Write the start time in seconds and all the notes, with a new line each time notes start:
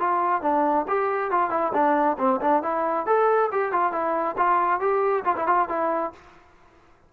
0.00 F4
0.42 D4
0.88 G4
1.32 F4
1.51 E4
1.74 D4
2.19 C4
2.41 D4
2.63 E4
3.07 A4
3.53 G4
3.73 F4
3.93 E4
4.38 F4
4.81 G4
5.25 F4
5.37 E4
5.48 F4
5.69 E4